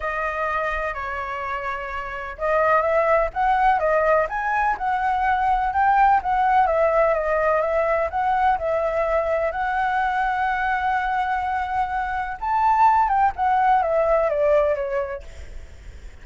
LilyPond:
\new Staff \with { instrumentName = "flute" } { \time 4/4 \tempo 4 = 126 dis''2 cis''2~ | cis''4 dis''4 e''4 fis''4 | dis''4 gis''4 fis''2 | g''4 fis''4 e''4 dis''4 |
e''4 fis''4 e''2 | fis''1~ | fis''2 a''4. g''8 | fis''4 e''4 d''4 cis''4 | }